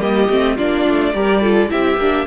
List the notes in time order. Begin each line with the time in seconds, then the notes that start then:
0.00 G3 A#3 G4 D#5
0.30 A3 C4
0.56 A#3 D4 F4 D5
0.88 A3
1.14 G3 G4 A#4
1.42 F4 A4
1.69 C4 E4 G4 E5
1.97 A#3 D4